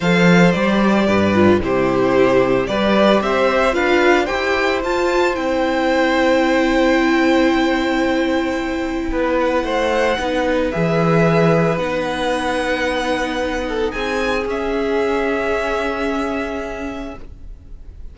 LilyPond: <<
  \new Staff \with { instrumentName = "violin" } { \time 4/4 \tempo 4 = 112 f''4 d''2 c''4~ | c''4 d''4 e''4 f''4 | g''4 a''4 g''2~ | g''1~ |
g''4. fis''2~ fis''8 | e''2 fis''2~ | fis''2 gis''4 e''4~ | e''1 | }
  \new Staff \with { instrumentName = "violin" } { \time 4/4 c''2 b'4 g'4~ | g'4 b'4 c''4 b'4 | c''1~ | c''1~ |
c''4 b'4 c''4 b'4~ | b'1~ | b'4. a'8 gis'2~ | gis'1 | }
  \new Staff \with { instrumentName = "viola" } { \time 4/4 a'4 g'4. f'8 e'4~ | e'4 g'2 f'4 | g'4 f'4 e'2~ | e'1~ |
e'2. dis'4 | gis'2 dis'2~ | dis'2. cis'4~ | cis'1 | }
  \new Staff \with { instrumentName = "cello" } { \time 4/4 f4 g4 g,4 c4~ | c4 g4 c'4 d'4 | e'4 f'4 c'2~ | c'1~ |
c'4 b4 a4 b4 | e2 b2~ | b2 c'4 cis'4~ | cis'1 | }
>>